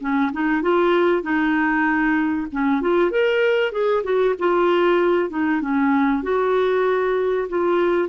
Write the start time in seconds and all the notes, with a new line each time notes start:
0.00 C#4
0.32 D#4
0.62 F4
1.22 D#4
2.52 C#4
2.81 F4
3.11 A#4
3.72 G#4
4.03 F#4
4.38 F4
5.30 D#4
5.61 C#4
6.23 F#4
7.48 F4